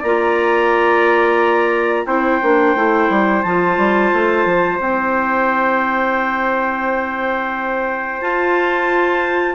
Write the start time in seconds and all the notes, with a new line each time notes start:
0.00 A#3 D5 A#5
0.06 F4
2.06 C4 E4 C5 G5
2.43 A#3 D4
2.76 A3 E4
3.10 G3
3.43 F3 F4 A5
3.77 G3
4.14 A3
4.46 F3
4.80 C4 E4 G5
8.21 F4 A5